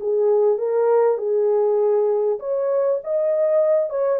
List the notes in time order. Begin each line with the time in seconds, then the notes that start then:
0.00 G#4
0.58 A#4
1.18 G#4
2.39 C#5
3.04 D#5
3.90 C#5